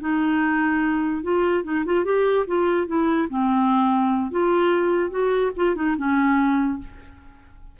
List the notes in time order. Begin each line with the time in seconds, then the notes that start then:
0.00 D#4
1.23 F4
1.63 D#4
1.85 F4
2.04 G4
2.47 F4
2.87 E4
3.29 C4
4.31 F4
5.10 F#4
5.56 F4
5.75 D#4
5.97 C#4